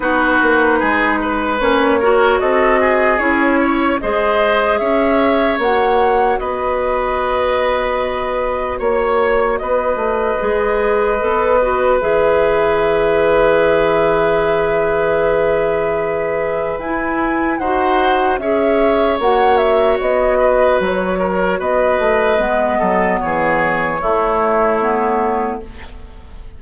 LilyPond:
<<
  \new Staff \with { instrumentName = "flute" } { \time 4/4 \tempo 4 = 75 b'2 cis''4 dis''4 | cis''4 dis''4 e''4 fis''4 | dis''2. cis''4 | dis''2. e''4~ |
e''1~ | e''4 gis''4 fis''4 e''4 | fis''8 e''8 dis''4 cis''4 dis''4~ | dis''4 cis''2. | }
  \new Staff \with { instrumentName = "oboe" } { \time 4/4 fis'4 gis'8 b'4 ais'8 a'8 gis'8~ | gis'8 cis''8 c''4 cis''2 | b'2. cis''4 | b'1~ |
b'1~ | b'2 c''4 cis''4~ | cis''4. b'4 ais'8 b'4~ | b'8 a'8 gis'4 e'2 | }
  \new Staff \with { instrumentName = "clarinet" } { \time 4/4 dis'2 cis'8 fis'4. | e'4 gis'2 fis'4~ | fis'1~ | fis'4 gis'4 a'8 fis'8 gis'4~ |
gis'1~ | gis'4 e'4 fis'4 gis'4 | fis'1 | b2 a4 b4 | }
  \new Staff \with { instrumentName = "bassoon" } { \time 4/4 b8 ais8 gis4 ais4 c'4 | cis'4 gis4 cis'4 ais4 | b2. ais4 | b8 a8 gis4 b4 e4~ |
e1~ | e4 e'4 dis'4 cis'4 | ais4 b4 fis4 b8 a8 | gis8 fis8 e4 a2 | }
>>